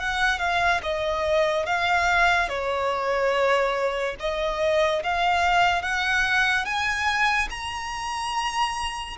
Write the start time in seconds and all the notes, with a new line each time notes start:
0.00 F#5
0.39 F5
0.83 D#5
1.66 F5
2.49 C#5
4.20 D#5
5.03 F5
5.83 F#5
6.66 G#5
7.50 A#5